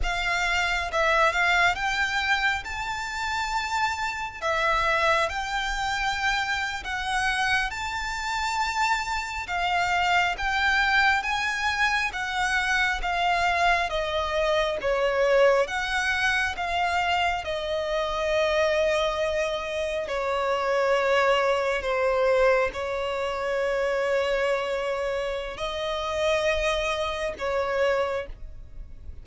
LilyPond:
\new Staff \with { instrumentName = "violin" } { \time 4/4 \tempo 4 = 68 f''4 e''8 f''8 g''4 a''4~ | a''4 e''4 g''4.~ g''16 fis''16~ | fis''8. a''2 f''4 g''16~ | g''8. gis''4 fis''4 f''4 dis''16~ |
dis''8. cis''4 fis''4 f''4 dis''16~ | dis''2~ dis''8. cis''4~ cis''16~ | cis''8. c''4 cis''2~ cis''16~ | cis''4 dis''2 cis''4 | }